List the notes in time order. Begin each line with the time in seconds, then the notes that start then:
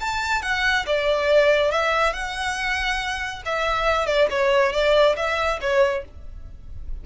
0.00 A5
0.42 F#5
0.86 D5
1.71 E5
2.13 F#5
3.45 E5
4.06 D5
4.30 C#5
4.73 D5
5.16 E5
5.61 C#5